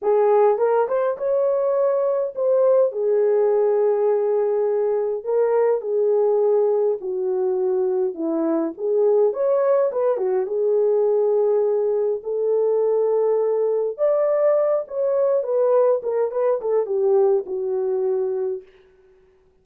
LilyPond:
\new Staff \with { instrumentName = "horn" } { \time 4/4 \tempo 4 = 103 gis'4 ais'8 c''8 cis''2 | c''4 gis'2.~ | gis'4 ais'4 gis'2 | fis'2 e'4 gis'4 |
cis''4 b'8 fis'8 gis'2~ | gis'4 a'2. | d''4. cis''4 b'4 ais'8 | b'8 a'8 g'4 fis'2 | }